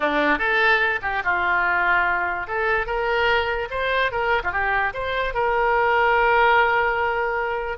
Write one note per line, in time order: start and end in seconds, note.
0.00 0.38 D4
0.38 1.00 A4
1.02 1.22 G4
1.24 2.47 F4
2.47 2.86 A4
2.86 3.68 A#4
3.70 4.11 C5
4.11 4.42 A#4
4.43 4.52 F4
4.52 4.93 G4
4.93 5.33 C5
5.33 7.77 A#4